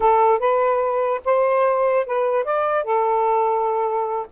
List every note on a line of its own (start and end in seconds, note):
0.00 0.39 A4
0.39 1.20 B4
1.24 2.06 C5
2.06 2.44 B4
2.44 2.83 D5
2.83 4.26 A4